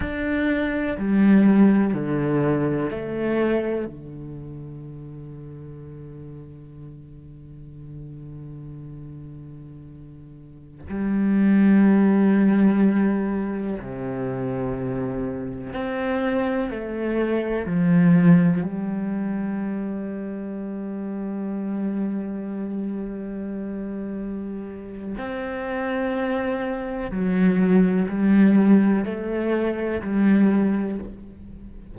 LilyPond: \new Staff \with { instrumentName = "cello" } { \time 4/4 \tempo 4 = 62 d'4 g4 d4 a4 | d1~ | d2.~ d16 g8.~ | g2~ g16 c4.~ c16~ |
c16 c'4 a4 f4 g8.~ | g1~ | g2 c'2 | fis4 g4 a4 g4 | }